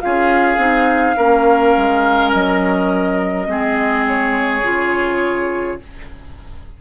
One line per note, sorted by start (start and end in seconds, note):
0.00 0.57 C#4
0.00 0.58 F4
0.00 1.16 G#4
0.00 2.31 F5
0.57 1.15 C4
0.57 1.15 D#4
1.16 1.75 A#3
1.16 3.47 C#4
1.16 3.47 A#4
1.77 2.34 G#3
2.32 3.47 F#3
2.32 4.06 D#5
3.47 4.62 G#3
3.47 4.62 C4
3.47 5.81 G#4
4.08 5.81 C#5
4.62 5.78 C#3
4.62 5.79 F4